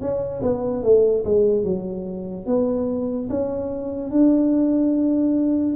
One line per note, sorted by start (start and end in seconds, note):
0.00 0.41 C#4
0.42 0.83 B3
0.83 1.24 A3
1.24 1.64 G#3
1.64 2.46 F#3
2.46 3.28 B3
3.30 4.11 C#4
4.11 5.75 D4